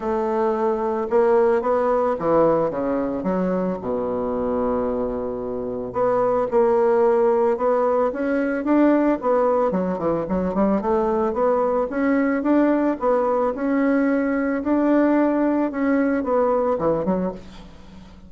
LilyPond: \new Staff \with { instrumentName = "bassoon" } { \time 4/4 \tempo 4 = 111 a2 ais4 b4 | e4 cis4 fis4 b,4~ | b,2. b4 | ais2 b4 cis'4 |
d'4 b4 fis8 e8 fis8 g8 | a4 b4 cis'4 d'4 | b4 cis'2 d'4~ | d'4 cis'4 b4 e8 fis8 | }